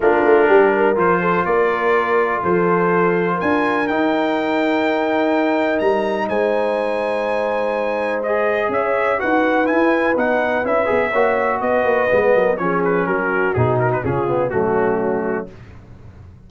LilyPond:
<<
  \new Staff \with { instrumentName = "trumpet" } { \time 4/4 \tempo 4 = 124 ais'2 c''4 d''4~ | d''4 c''2 gis''4 | g''1 | ais''4 gis''2.~ |
gis''4 dis''4 e''4 fis''4 | gis''4 fis''4 e''2 | dis''2 cis''8 b'8 ais'4 | gis'8 ais'16 b'16 gis'4 fis'2 | }
  \new Staff \with { instrumentName = "horn" } { \time 4/4 f'4 g'8 ais'4 a'8 ais'4~ | ais'4 a'2 ais'4~ | ais'1~ | ais'4 c''2.~ |
c''2 cis''4 b'4~ | b'2. cis''4 | b'4. ais'8 gis'4 fis'4~ | fis'4 f'4 cis'2 | }
  \new Staff \with { instrumentName = "trombone" } { \time 4/4 d'2 f'2~ | f'1 | dis'1~ | dis'1~ |
dis'4 gis'2 fis'4 | e'4 dis'4 e'8 gis'8 fis'4~ | fis'4 b4 cis'2 | dis'4 cis'8 b8 a2 | }
  \new Staff \with { instrumentName = "tuba" } { \time 4/4 ais8 a8 g4 f4 ais4~ | ais4 f2 d'4 | dis'1 | g4 gis2.~ |
gis2 cis'4 dis'4 | e'4 b4 cis'8 b8 ais4 | b8 ais8 gis8 fis8 f4 fis4 | b,4 cis4 fis2 | }
>>